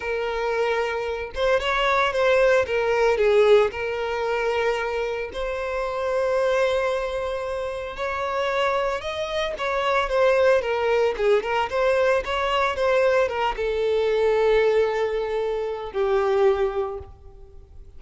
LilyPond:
\new Staff \with { instrumentName = "violin" } { \time 4/4 \tempo 4 = 113 ais'2~ ais'8 c''8 cis''4 | c''4 ais'4 gis'4 ais'4~ | ais'2 c''2~ | c''2. cis''4~ |
cis''4 dis''4 cis''4 c''4 | ais'4 gis'8 ais'8 c''4 cis''4 | c''4 ais'8 a'2~ a'8~ | a'2 g'2 | }